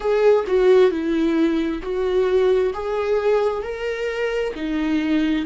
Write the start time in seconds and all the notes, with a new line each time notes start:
0.00 G#4
0.47 F#4
0.90 E4
1.82 F#4
2.73 G#4
3.62 A#4
4.55 D#4